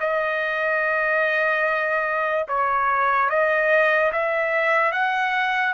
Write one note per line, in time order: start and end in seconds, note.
0.00 2.47 D#5
2.48 3.30 C#5
3.30 4.12 D#5
4.12 4.92 E5
4.92 5.73 F#5